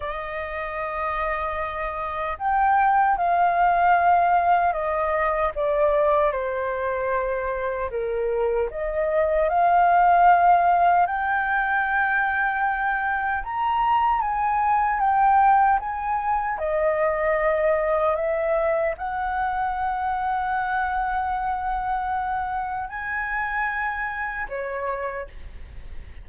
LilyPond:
\new Staff \with { instrumentName = "flute" } { \time 4/4 \tempo 4 = 76 dis''2. g''4 | f''2 dis''4 d''4 | c''2 ais'4 dis''4 | f''2 g''2~ |
g''4 ais''4 gis''4 g''4 | gis''4 dis''2 e''4 | fis''1~ | fis''4 gis''2 cis''4 | }